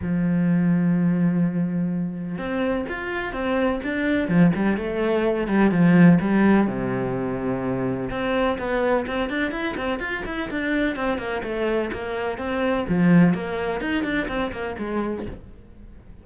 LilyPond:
\new Staff \with { instrumentName = "cello" } { \time 4/4 \tempo 4 = 126 f1~ | f4 c'4 f'4 c'4 | d'4 f8 g8 a4. g8 | f4 g4 c2~ |
c4 c'4 b4 c'8 d'8 | e'8 c'8 f'8 e'8 d'4 c'8 ais8 | a4 ais4 c'4 f4 | ais4 dis'8 d'8 c'8 ais8 gis4 | }